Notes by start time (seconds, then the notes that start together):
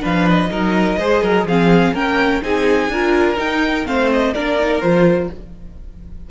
0.00 F3 D4 B4 F5
0.29 D#5
0.49 F#3 D#4 A#4
0.97 G#3 G#4 C5
1.22 F#3 A#4
1.43 F3 C4 G#4 F5
1.93 A#3 C#4 A#4 G5
2.42 C4 D#4 G#4 G#5
2.88 D4 F4 A#4
3.35 D#4 G5
3.85 A3 C4 C5 F5
4.11 D#5
4.33 A#3 D4 A#4 D5
4.59 D#4
4.81 F3 F4 C5